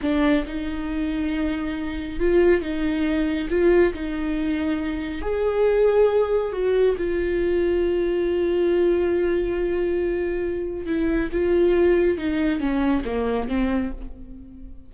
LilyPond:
\new Staff \with { instrumentName = "viola" } { \time 4/4 \tempo 4 = 138 d'4 dis'2.~ | dis'4 f'4 dis'2 | f'4 dis'2. | gis'2. fis'4 |
f'1~ | f'1~ | f'4 e'4 f'2 | dis'4 cis'4 ais4 c'4 | }